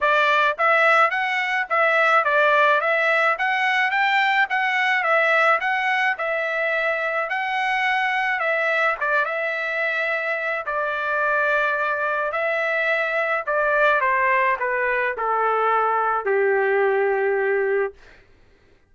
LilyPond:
\new Staff \with { instrumentName = "trumpet" } { \time 4/4 \tempo 4 = 107 d''4 e''4 fis''4 e''4 | d''4 e''4 fis''4 g''4 | fis''4 e''4 fis''4 e''4~ | e''4 fis''2 e''4 |
d''8 e''2~ e''8 d''4~ | d''2 e''2 | d''4 c''4 b'4 a'4~ | a'4 g'2. | }